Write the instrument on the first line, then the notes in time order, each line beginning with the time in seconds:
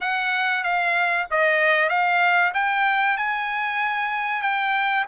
trumpet
0.00 F#5
0.63 F5
1.31 D#5
1.89 F5
2.53 G5
3.17 G#5
4.42 G5